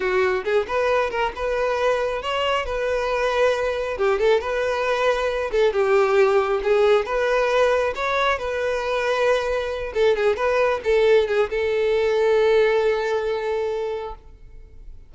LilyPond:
\new Staff \with { instrumentName = "violin" } { \time 4/4 \tempo 4 = 136 fis'4 gis'8 b'4 ais'8 b'4~ | b'4 cis''4 b'2~ | b'4 g'8 a'8 b'2~ | b'8 a'8 g'2 gis'4 |
b'2 cis''4 b'4~ | b'2~ b'8 a'8 gis'8 b'8~ | b'8 a'4 gis'8 a'2~ | a'1 | }